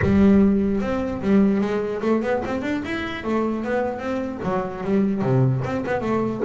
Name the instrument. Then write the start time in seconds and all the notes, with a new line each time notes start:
double bass
0.01 G3
0.81 C4
1.21 G3
1.60 G#3
2.01 A3
2.22 B3
2.45 C4
2.62 D4
2.84 E4
3.23 A3
3.64 B3
3.98 C4
4.43 F#3
4.83 G3
5.21 C3
5.64 C4
5.86 B3
6.01 A3